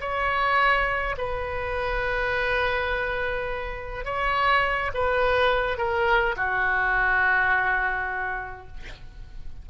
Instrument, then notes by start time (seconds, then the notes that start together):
oboe
0.00 C#5
1.17 B4
4.04 C#5
4.94 B4
5.77 A#4
6.36 F#4